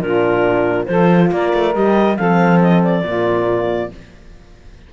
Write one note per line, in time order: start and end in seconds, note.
0.00 0.87 A#2
0.00 0.88 D4
0.00 0.88 F4
0.00 0.85 A#4
0.85 1.31 F3
0.85 1.74 F4
0.85 1.31 A4
0.85 1.28 C5
1.31 1.53 A#3
1.31 2.18 A#4
1.31 1.74 D5
1.54 1.75 A3
1.74 2.18 G3
1.74 2.17 G4
1.74 2.16 D#5
2.16 3.02 F3
2.16 3.04 C4
2.16 3.04 A4
2.16 2.59 F5
2.61 2.82 D#5
2.83 3.91 D5
3.02 3.89 A#2
3.02 3.91 A#3
3.02 3.92 F4